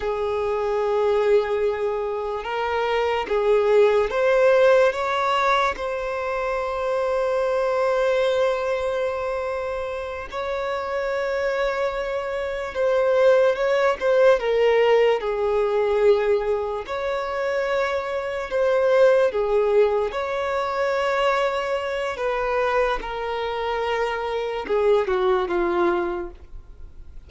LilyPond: \new Staff \with { instrumentName = "violin" } { \time 4/4 \tempo 4 = 73 gis'2. ais'4 | gis'4 c''4 cis''4 c''4~ | c''1~ | c''8 cis''2. c''8~ |
c''8 cis''8 c''8 ais'4 gis'4.~ | gis'8 cis''2 c''4 gis'8~ | gis'8 cis''2~ cis''8 b'4 | ais'2 gis'8 fis'8 f'4 | }